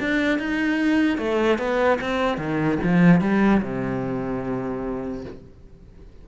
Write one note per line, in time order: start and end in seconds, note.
0.00 0.39 D4
0.39 1.18 D#4
1.18 1.58 A3
1.58 1.99 B3
2.01 2.38 C4
2.38 2.78 D#3
2.83 3.21 F3
3.21 3.62 G3
3.62 5.24 C3